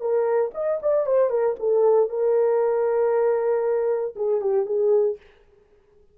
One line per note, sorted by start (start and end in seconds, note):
0.00 0.51 A#4
0.54 0.80 D#5
0.82 1.06 D5
1.06 1.30 C5
1.30 1.55 A#4
1.59 2.10 A4
2.10 4.15 A#4
4.16 4.41 G#4
4.41 4.66 G4
4.66 5.17 G#4